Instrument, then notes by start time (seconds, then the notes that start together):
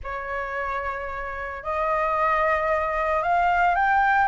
flute
0.03 C#5
1.63 D#5
3.22 F5
3.75 G5